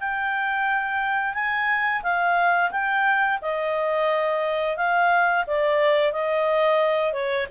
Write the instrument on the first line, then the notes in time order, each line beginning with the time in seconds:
clarinet
0.00 G5
1.34 G#5
2.03 F5
2.71 G5
3.41 D#5
4.77 F5
5.47 D5
6.12 D#5
7.12 C#5